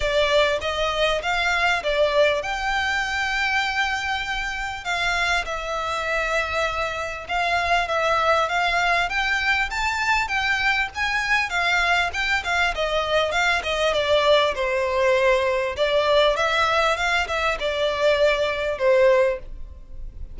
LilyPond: \new Staff \with { instrumentName = "violin" } { \time 4/4 \tempo 4 = 99 d''4 dis''4 f''4 d''4 | g''1 | f''4 e''2. | f''4 e''4 f''4 g''4 |
a''4 g''4 gis''4 f''4 | g''8 f''8 dis''4 f''8 dis''8 d''4 | c''2 d''4 e''4 | f''8 e''8 d''2 c''4 | }